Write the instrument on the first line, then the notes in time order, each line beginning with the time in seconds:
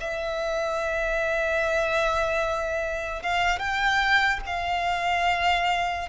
violin
0.00 E5
3.23 F5
3.59 G5
4.46 F5